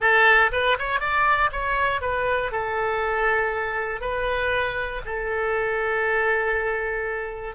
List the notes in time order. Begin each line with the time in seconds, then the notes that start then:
0.00 A4
0.52 B4
0.78 C#5
1.00 D5
1.51 C#5
2.01 B4
2.51 A4
4.00 B4
5.05 A4